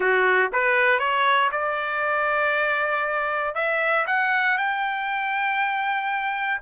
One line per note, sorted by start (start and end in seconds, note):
0.00 0.51 F#4
0.52 0.99 B4
0.99 1.50 C#5
1.51 3.55 D5
3.55 4.05 E5
4.06 4.57 F#5
4.57 6.61 G5